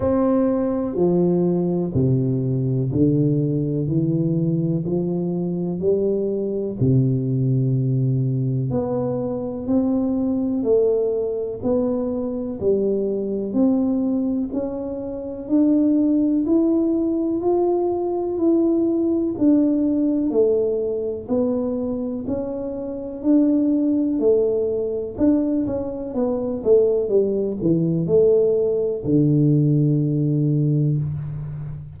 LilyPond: \new Staff \with { instrumentName = "tuba" } { \time 4/4 \tempo 4 = 62 c'4 f4 c4 d4 | e4 f4 g4 c4~ | c4 b4 c'4 a4 | b4 g4 c'4 cis'4 |
d'4 e'4 f'4 e'4 | d'4 a4 b4 cis'4 | d'4 a4 d'8 cis'8 b8 a8 | g8 e8 a4 d2 | }